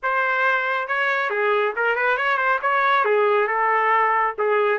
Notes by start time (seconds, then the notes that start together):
0.02 C5
0.87 C#5
1.29 G#4
1.75 A#4
1.95 B4
2.17 C#5
2.37 C5
2.62 C#5
3.04 G#4
3.47 A4
4.38 G#4